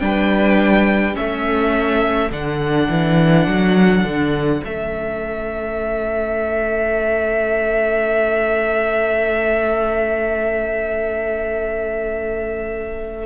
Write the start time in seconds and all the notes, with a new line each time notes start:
0.00 G3 D4 B4 G5
1.14 A3 C#4 A4 E5
2.31 D3 D4 F#5
2.90 E3
3.47 F#3
4.04 D3
4.60 A3 C#4 E5